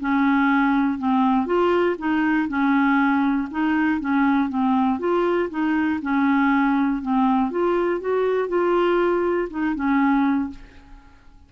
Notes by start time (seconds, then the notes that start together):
0.00 C#4
0.98 C4
1.46 F4
1.99 D#4
2.48 C#4
3.51 D#4
4.00 C#4
4.49 C4
4.99 F4
5.50 D#4
6.02 C#4
7.02 C4
7.51 F4
8.00 F#4
8.48 F4
9.50 D#4
9.75 C#4